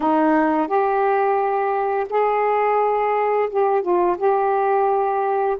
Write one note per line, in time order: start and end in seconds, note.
0.00 0.67 D#4
0.67 2.06 G4
2.09 3.49 G#4
3.49 3.82 G4
3.82 4.16 F4
4.17 5.57 G4